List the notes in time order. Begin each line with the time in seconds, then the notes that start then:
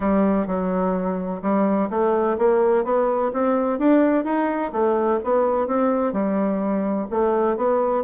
0.00 G3
0.47 F#3
1.42 G3
1.90 A3
2.38 A#3
2.84 B3
3.33 C4
3.78 D4
4.24 D#4
4.72 A3
5.23 B3
5.67 C4
6.12 G3
7.10 A3
7.56 B3